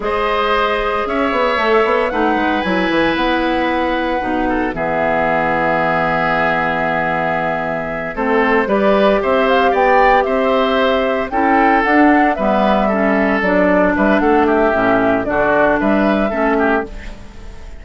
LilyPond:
<<
  \new Staff \with { instrumentName = "flute" } { \time 4/4 \tempo 4 = 114 dis''2 e''2 | fis''4 gis''4 fis''2~ | fis''4 e''2.~ | e''2.~ e''8 c''8~ |
c''8 d''4 e''8 f''8 g''4 e''8~ | e''4. g''4 fis''4 e''8~ | e''4. d''4 e''8 fis''8 e''8~ | e''4 d''4 e''2 | }
  \new Staff \with { instrumentName = "oboe" } { \time 4/4 c''2 cis''2 | b'1~ | b'8 a'8 gis'2.~ | gis'2.~ gis'8 a'8~ |
a'8 b'4 c''4 d''4 c''8~ | c''4. a'2 b'8~ | b'8 a'2 b'8 a'8 g'8~ | g'4 fis'4 b'4 a'8 g'8 | }
  \new Staff \with { instrumentName = "clarinet" } { \time 4/4 gis'2. a'4 | dis'4 e'2. | dis'4 b2.~ | b2.~ b8 c'8~ |
c'8 g'2.~ g'8~ | g'4. e'4 d'4 b8~ | b8 cis'4 d'2~ d'8 | cis'4 d'2 cis'4 | }
  \new Staff \with { instrumentName = "bassoon" } { \time 4/4 gis2 cis'8 b8 a8 b8 | a8 gis8 fis8 e8 b2 | b,4 e2.~ | e2.~ e8 a8~ |
a8 g4 c'4 b4 c'8~ | c'4. cis'4 d'4 g8~ | g4. fis4 g8 a4 | a,4 d4 g4 a4 | }
>>